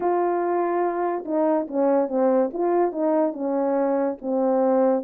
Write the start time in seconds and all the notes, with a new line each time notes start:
0.00 F4
1.25 D#4
1.67 C#4
2.08 C4
2.53 F4
2.92 D#4
3.33 C#4
4.21 C4